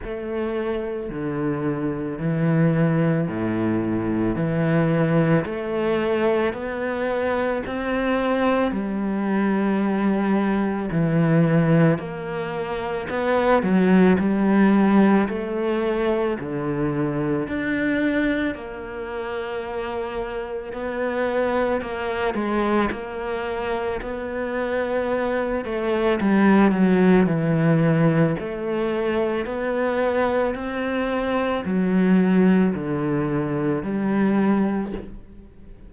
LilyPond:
\new Staff \with { instrumentName = "cello" } { \time 4/4 \tempo 4 = 55 a4 d4 e4 a,4 | e4 a4 b4 c'4 | g2 e4 ais4 | b8 fis8 g4 a4 d4 |
d'4 ais2 b4 | ais8 gis8 ais4 b4. a8 | g8 fis8 e4 a4 b4 | c'4 fis4 d4 g4 | }